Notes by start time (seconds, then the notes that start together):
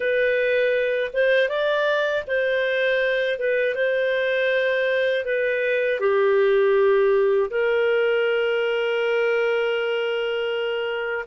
0.00 B4
1.13 C5
1.49 D5
2.27 C5
3.38 B4
3.75 C5
5.25 B4
6.00 G4
7.50 A#4